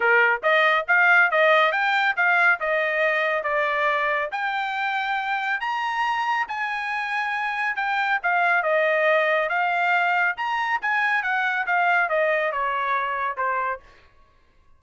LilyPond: \new Staff \with { instrumentName = "trumpet" } { \time 4/4 \tempo 4 = 139 ais'4 dis''4 f''4 dis''4 | g''4 f''4 dis''2 | d''2 g''2~ | g''4 ais''2 gis''4~ |
gis''2 g''4 f''4 | dis''2 f''2 | ais''4 gis''4 fis''4 f''4 | dis''4 cis''2 c''4 | }